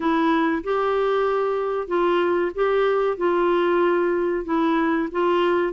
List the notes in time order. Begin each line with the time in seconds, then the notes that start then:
0.00 E4
0.63 G4
1.87 F4
2.54 G4
3.17 F4
4.44 E4
5.11 F4